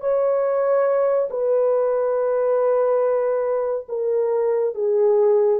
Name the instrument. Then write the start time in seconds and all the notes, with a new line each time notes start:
horn
0.00 C#5
1.30 B4
3.89 A#4
4.75 G#4